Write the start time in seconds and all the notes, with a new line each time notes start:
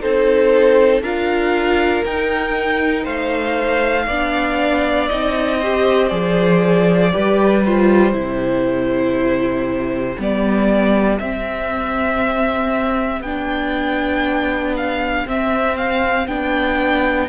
0.00 C4 D#4 A4 C5
1.01 D4 F4 A#4 F5
2.05 D#4 G5
3.04 A3 C5 F5
4.06 B3 D4 D5
5.08 C4 D#4 D#5
5.59 G4 C5
6.08 F3 G#4 D5
7.12 G3 G4 B4
7.65 F4 C5
8.12 C3 E4 G4
10.18 G3 B3 D5
11.18 C4 E5
13.21 B3 D4 G5
14.76 F5
15.25 C4 E5
15.76 F5
16.27 B3 D4 G5